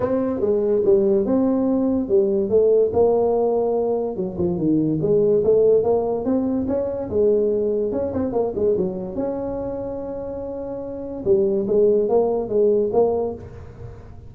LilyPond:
\new Staff \with { instrumentName = "tuba" } { \time 4/4 \tempo 4 = 144 c'4 gis4 g4 c'4~ | c'4 g4 a4 ais4~ | ais2 fis8 f8 dis4 | gis4 a4 ais4 c'4 |
cis'4 gis2 cis'8 c'8 | ais8 gis8 fis4 cis'2~ | cis'2. g4 | gis4 ais4 gis4 ais4 | }